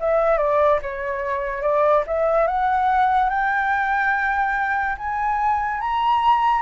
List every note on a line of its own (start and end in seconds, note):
0.00 0.38 E5
0.38 0.80 D5
0.82 1.62 C#5
1.62 2.04 D5
2.07 2.47 E5
2.47 3.30 F#5
3.30 4.97 G5
4.98 5.81 G#5
5.81 6.62 A#5